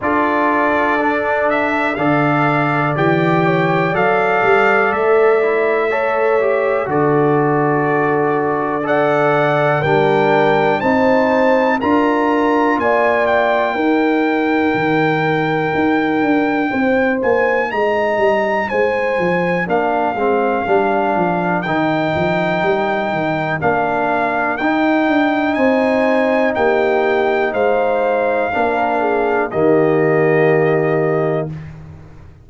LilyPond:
<<
  \new Staff \with { instrumentName = "trumpet" } { \time 4/4 \tempo 4 = 61 d''4. e''8 f''4 g''4 | f''4 e''2 d''4~ | d''4 fis''4 g''4 a''4 | ais''4 gis''8 g''2~ g''8~ |
g''4. gis''8 ais''4 gis''4 | f''2 g''2 | f''4 g''4 gis''4 g''4 | f''2 dis''2 | }
  \new Staff \with { instrumentName = "horn" } { \time 4/4 a'2 d''4. cis''8 | d''2 cis''4 a'4~ | a'4 d''4 ais'4 c''4 | ais'4 d''4 ais'2~ |
ais'4 c''4 dis''4 c''4 | ais'1~ | ais'2 c''4 g'4 | c''4 ais'8 gis'8 g'2 | }
  \new Staff \with { instrumentName = "trombone" } { \time 4/4 f'4 d'4 a'4 g'4 | a'4. e'8 a'8 g'8 fis'4~ | fis'4 a'4 d'4 dis'4 | f'2 dis'2~ |
dis'1 | d'8 c'8 d'4 dis'2 | d'4 dis'2.~ | dis'4 d'4 ais2 | }
  \new Staff \with { instrumentName = "tuba" } { \time 4/4 d'2 d4 e4 | fis8 g8 a2 d4~ | d2 g4 c'4 | d'4 ais4 dis'4 dis4 |
dis'8 d'8 c'8 ais8 gis8 g8 gis8 f8 | ais8 gis8 g8 f8 dis8 f8 g8 dis8 | ais4 dis'8 d'8 c'4 ais4 | gis4 ais4 dis2 | }
>>